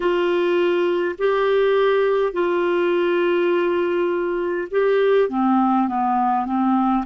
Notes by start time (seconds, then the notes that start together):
0.00 F4
1.18 G4
2.32 F4
4.71 G4
5.29 C4
5.88 B3
6.45 C4